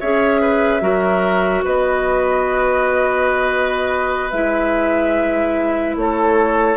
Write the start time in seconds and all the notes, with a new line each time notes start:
0.00 C#4 G#4 C#5 E5
0.41 B4
0.81 F#3 F#4 A#4
1.64 B3 B4 D#5
4.31 G#3 E4 E5
5.96 A3 A4 C#5